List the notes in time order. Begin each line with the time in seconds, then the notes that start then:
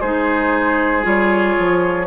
0.00 G#3 D#4 G#4 C5
1.02 G3 F4 C#5
1.58 F3